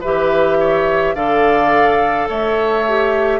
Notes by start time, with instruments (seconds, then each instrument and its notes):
0.00 bassoon E3, clarinet G4, oboe B4, flute E5
0.60 oboe C#5
1.14 bassoon D3, clarinet A4, oboe D5, flute F5
2.28 bassoon A3, oboe C#5, flute E5
2.88 clarinet G4